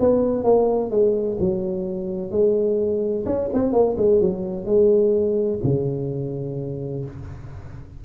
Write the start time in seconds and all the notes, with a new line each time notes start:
0.00 B3
0.44 A#3
0.91 G#3
1.40 F#3
2.32 G#3
3.26 C#4
3.54 C4
3.73 A#3
3.98 G#3
4.21 F#3
4.66 G#3
5.64 C#3